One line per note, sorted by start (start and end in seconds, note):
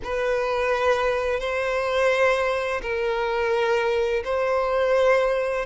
0.03 1.40 B4
1.40 2.81 C5
2.82 4.23 A#4
4.24 5.65 C5